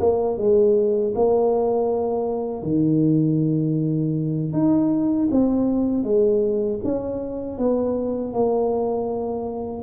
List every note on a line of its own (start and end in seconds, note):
0.00 0.38 A#3
0.38 1.14 G#3
1.15 2.63 A#3
2.63 4.53 D#3
4.53 5.29 D#4
5.31 6.03 C4
6.03 6.79 G#3
6.84 7.58 C#4
7.58 8.33 B3
8.33 9.83 A#3